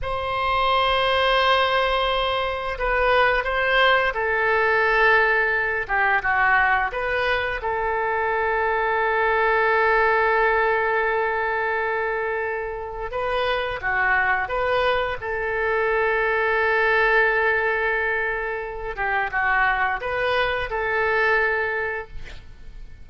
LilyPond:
\new Staff \with { instrumentName = "oboe" } { \time 4/4 \tempo 4 = 87 c''1 | b'4 c''4 a'2~ | a'8 g'8 fis'4 b'4 a'4~ | a'1~ |
a'2. b'4 | fis'4 b'4 a'2~ | a'2.~ a'8 g'8 | fis'4 b'4 a'2 | }